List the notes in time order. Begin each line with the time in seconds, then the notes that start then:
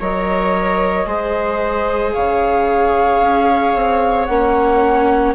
0.00 F#3 A#4 C#5 D#5
1.06 G#3 G#4 C5
2.13 C#3 C#5 F5
3.21 C#4
3.75 C4
4.26 A#3 C#4 F#5